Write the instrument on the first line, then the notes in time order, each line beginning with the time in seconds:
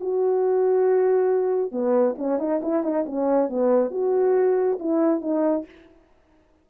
horn
0.00 F#4
1.71 B3
2.18 C#4
2.39 D#4
2.62 E4
2.83 D#4
3.06 C#4
3.49 B3
3.91 F#4
4.79 E4
5.21 D#4